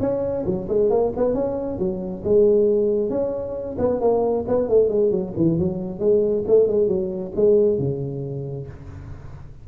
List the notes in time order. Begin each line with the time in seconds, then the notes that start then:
0.00 C#4
0.45 F#3
0.68 G#3
0.90 A#3
1.16 B3
1.34 C#4
1.78 F#3
2.24 G#3
3.09 C#4
3.78 B3
4.00 A#3
4.47 B3
4.68 A3
4.89 G#3
5.11 F#3
5.36 E3
5.58 F#3
5.99 G#3
6.47 A3
6.67 G#3
6.87 F#3
7.35 G#3
7.78 C#3